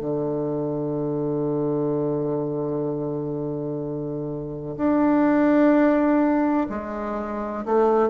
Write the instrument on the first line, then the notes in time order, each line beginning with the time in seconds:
bassoon
0.00 D3
4.77 D4
6.70 G#3
7.65 A3